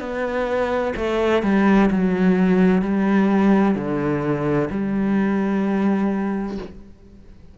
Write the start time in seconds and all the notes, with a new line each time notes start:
0.00 B3
0.96 A3
1.43 G3
1.91 F#3
2.82 G3
3.75 D3
4.70 G3